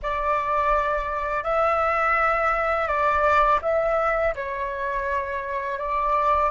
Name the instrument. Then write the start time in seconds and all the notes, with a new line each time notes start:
flute
0.02 D5
1.43 E5
2.87 D5
3.62 E5
4.35 C#5
5.78 D5